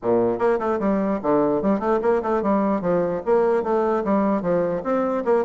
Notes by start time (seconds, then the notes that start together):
0.02 A#2
0.38 A#3
0.59 A3
0.79 G3
1.22 D3
1.61 G3
1.79 A3
2.01 A#3
2.22 A3
2.42 G3
2.81 F3
3.25 A#3
3.63 A3
4.04 G3
4.42 F3
4.83 C4
5.24 A#3